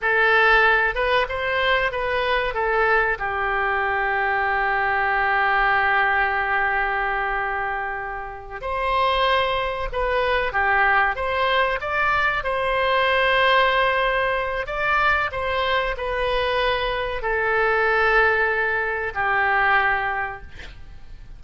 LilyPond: \new Staff \with { instrumentName = "oboe" } { \time 4/4 \tempo 4 = 94 a'4. b'8 c''4 b'4 | a'4 g'2.~ | g'1~ | g'4. c''2 b'8~ |
b'8 g'4 c''4 d''4 c''8~ | c''2. d''4 | c''4 b'2 a'4~ | a'2 g'2 | }